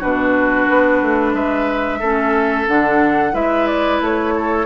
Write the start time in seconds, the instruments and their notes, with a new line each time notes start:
0.00 bassoon B2, clarinet D4, oboe F#4, flute B4
0.70 bassoon B3
1.02 bassoon A3
1.34 bassoon G#3, oboe B4, flute E5
2.00 bassoon A3, clarinet C#4, oboe A4
2.67 bassoon D3, clarinet D4, flute F#5
3.33 bassoon G#3, clarinet E4, oboe B4, flute E5
3.67 flute D5
4.01 bassoon A3, flute C#5
4.36 oboe A4